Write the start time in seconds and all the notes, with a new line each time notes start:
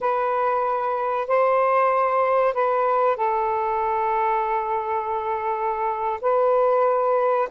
0.00 B4
1.27 C5
2.53 B4
3.16 A4
6.21 B4